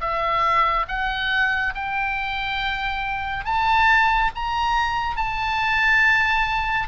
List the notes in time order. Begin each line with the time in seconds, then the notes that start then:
0.00 E5
0.88 F#5
1.75 G5
3.45 A5
4.35 A#5
5.16 A5